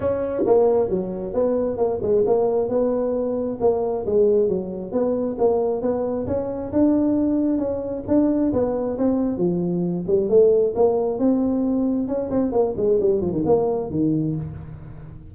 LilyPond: \new Staff \with { instrumentName = "tuba" } { \time 4/4 \tempo 4 = 134 cis'4 ais4 fis4 b4 | ais8 gis8 ais4 b2 | ais4 gis4 fis4 b4 | ais4 b4 cis'4 d'4~ |
d'4 cis'4 d'4 b4 | c'4 f4. g8 a4 | ais4 c'2 cis'8 c'8 | ais8 gis8 g8 f16 dis16 ais4 dis4 | }